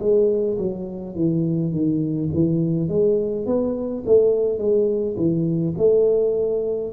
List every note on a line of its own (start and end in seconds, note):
0.00 0.58 G#3
0.58 1.15 F#3
1.15 1.72 E3
1.72 2.30 D#3
2.33 2.88 E3
2.88 3.46 G#3
3.46 4.04 B3
4.06 4.58 A3
4.58 5.16 G#3
5.17 5.74 E3
5.77 6.92 A3